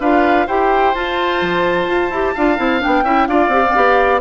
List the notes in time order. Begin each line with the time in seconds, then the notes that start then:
0.00 D4 F4 B4 F5
0.47 E4 G4 C5 G5
0.95 F4 A5
1.42 F3
1.87 F4
2.10 E4 G4
2.35 D4 F4 F5
2.57 C4 E4
2.80 D4 G5
2.87 B3
3.03 C#4 E4 E5
3.27 D4 F4 D5 F5
3.48 C4 G4
3.65 C4
3.76 B3 G4